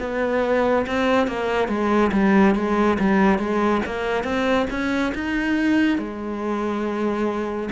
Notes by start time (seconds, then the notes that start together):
0.00 B3
0.87 C4
1.27 A#3
1.69 G#3
2.12 G3
2.55 G#3
3.00 G3
3.39 G#3
3.86 A#3
4.24 C4
4.70 C#4
5.15 D#4
5.98 G#3